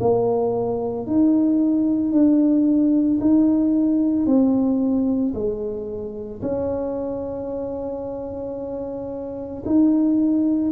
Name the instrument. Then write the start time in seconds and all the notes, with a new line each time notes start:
tuba
0.00 A#3
1.06 D#4
2.12 D4
3.20 D#4
4.26 C4
5.34 G#3
6.42 C#4
9.66 D#4